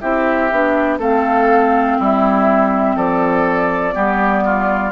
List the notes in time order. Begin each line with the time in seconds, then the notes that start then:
0.00 C4 E4 G4 E5
0.51 B3 D4
0.98 A3 C4 A4 F5
1.98 G3 E4 E5
2.96 F3 A4 D5
3.93 G3 B3 G4
4.44 F4